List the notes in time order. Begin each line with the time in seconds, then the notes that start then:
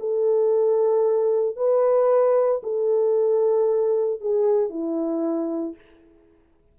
0.00 A4
1.56 B4
2.63 A4
4.21 G#4
4.70 E4